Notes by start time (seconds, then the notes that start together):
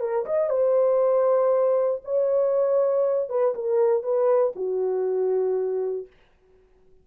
0.00 A#4
0.26 D#5
0.50 C5
2.04 C#5
3.29 B4
3.55 A#4
4.03 B4
4.55 F#4